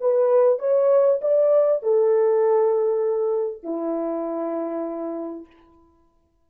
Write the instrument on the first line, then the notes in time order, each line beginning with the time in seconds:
horn
0.00 B4
0.58 C#5
1.21 D5
1.82 A4
3.62 E4